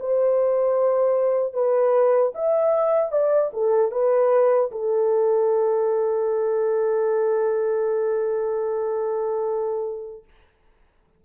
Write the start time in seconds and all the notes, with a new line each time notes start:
0.00 C5
1.54 B4
2.35 E5
3.12 D5
3.53 A4
3.92 B4
4.72 A4